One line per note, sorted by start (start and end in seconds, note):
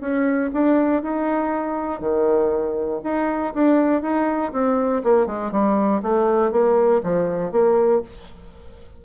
0.00 0.50 C#4
0.53 1.02 D4
1.02 2.00 D#4
2.00 3.00 D#3
3.03 3.53 D#4
3.53 4.02 D4
4.02 4.52 D#4
4.52 5.02 C4
5.03 5.26 A#3
5.26 5.51 G#3
5.51 6.01 G3
6.02 6.51 A3
6.51 7.01 A#3
7.03 7.51 F3
7.51 8.01 A#3